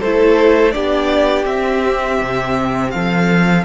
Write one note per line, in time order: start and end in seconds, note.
0.00 0.76 A3
0.00 0.73 E4
0.00 0.73 A4
0.00 0.72 C5
0.72 1.45 B3
0.72 1.46 D4
0.72 2.94 G4
0.72 1.45 D5
1.45 2.18 C4
1.45 3.65 C4
1.45 2.91 E5
2.21 2.94 C3
2.91 3.65 F3
2.91 3.65 A4
2.91 3.64 F5